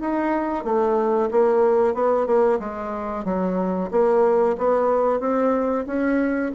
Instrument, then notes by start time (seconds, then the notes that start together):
bassoon
0.00 D#4
0.64 A3
1.31 A#3
1.94 B3
2.26 A#3
2.59 G#3
3.25 F#3
3.91 A#3
4.58 B3
5.19 C4
5.86 C#4